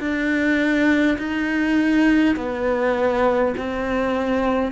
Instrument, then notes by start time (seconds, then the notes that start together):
cello
0.00 D4
1.18 D#4
2.36 B3
3.58 C4